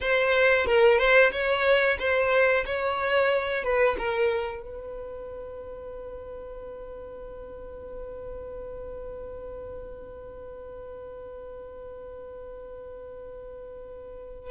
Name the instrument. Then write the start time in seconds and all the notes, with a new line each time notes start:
violin
0.00 C5
0.66 A#4
0.98 C5
1.31 C#5
1.99 C5
2.65 C#5
3.63 B4
3.98 A#4
4.62 B4